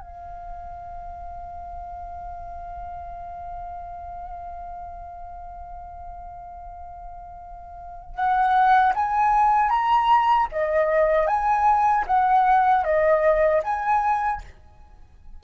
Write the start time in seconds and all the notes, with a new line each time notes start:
0.00 F5
8.15 F#5
8.95 G#5
9.69 A#5
10.52 D#5
11.27 G#5
12.07 F#5
12.84 D#5
13.63 G#5